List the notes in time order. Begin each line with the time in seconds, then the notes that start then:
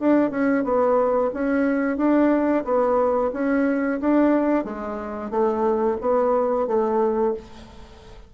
0.00 D4
0.31 C#4
0.64 B3
1.34 C#4
1.97 D4
2.64 B3
3.34 C#4
4.01 D4
4.65 G#3
5.30 A3
6.01 B3
6.67 A3